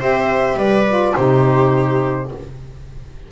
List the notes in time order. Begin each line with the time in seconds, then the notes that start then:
0.00 C4 G4 C5 E5
0.57 G3 B4 D5
0.89 F4
1.15 C3 D#4 G4 C5